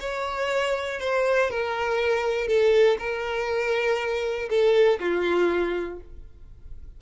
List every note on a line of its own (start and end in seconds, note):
0.00 1.00 C#5
1.00 1.50 C5
1.50 2.47 A#4
2.47 2.97 A4
2.99 4.49 A#4
4.49 4.99 A4
4.99 5.99 F4